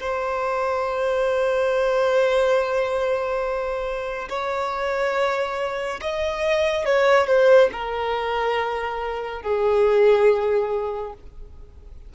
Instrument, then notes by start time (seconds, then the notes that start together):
violin
0.00 C5
4.29 C#5
6.01 D#5
6.85 C#5
7.27 C5
7.72 A#4
9.42 G#4